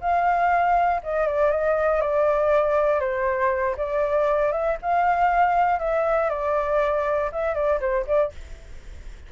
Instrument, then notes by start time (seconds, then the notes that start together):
flute
0.00 F5
1.03 D#5
1.27 D5
1.50 D#5
2.00 D5
3.00 C5
3.77 D5
4.51 E5
4.82 F5
5.79 E5
6.29 D5
7.32 E5
7.54 D5
7.80 C5
8.06 D5